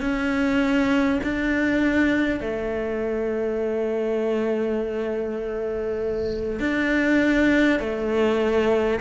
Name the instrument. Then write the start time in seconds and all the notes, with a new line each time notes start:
cello
0.00 C#4
1.23 D4
2.40 A3
6.59 D4
7.79 A3